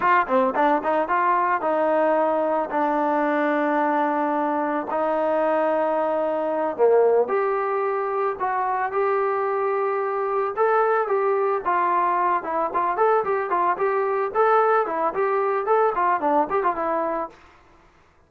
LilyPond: \new Staff \with { instrumentName = "trombone" } { \time 4/4 \tempo 4 = 111 f'8 c'8 d'8 dis'8 f'4 dis'4~ | dis'4 d'2.~ | d'4 dis'2.~ | dis'8 ais4 g'2 fis'8~ |
fis'8 g'2. a'8~ | a'8 g'4 f'4. e'8 f'8 | a'8 g'8 f'8 g'4 a'4 e'8 | g'4 a'8 f'8 d'8 g'16 f'16 e'4 | }